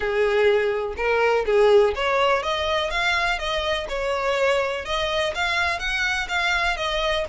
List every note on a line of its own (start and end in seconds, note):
0.00 0.94 G#4
0.96 1.45 A#4
1.45 1.94 G#4
1.95 2.43 C#5
2.43 2.90 D#5
2.90 3.38 F5
3.38 3.87 D#5
3.88 4.85 C#5
4.85 5.33 D#5
5.34 5.79 F5
5.79 6.27 F#5
6.28 6.76 F5
6.77 7.25 D#5